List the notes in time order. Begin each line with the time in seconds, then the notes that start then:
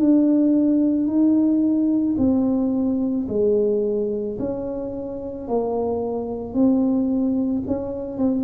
0.00 D4
1.07 D#4
2.18 C4
3.29 G#3
4.39 C#4
5.48 A#3
6.54 C4
7.67 C#4
8.18 C4